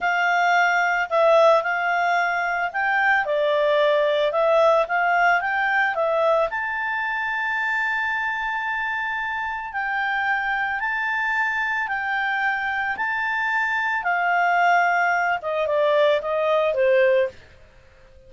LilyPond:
\new Staff \with { instrumentName = "clarinet" } { \time 4/4 \tempo 4 = 111 f''2 e''4 f''4~ | f''4 g''4 d''2 | e''4 f''4 g''4 e''4 | a''1~ |
a''2 g''2 | a''2 g''2 | a''2 f''2~ | f''8 dis''8 d''4 dis''4 c''4 | }